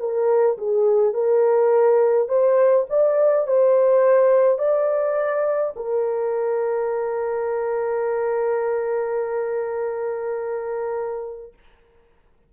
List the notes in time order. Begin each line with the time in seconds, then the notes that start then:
0.00 A#4
0.58 G#4
1.14 A#4
2.29 C5
2.90 D5
3.48 C5
4.59 D5
5.77 A#4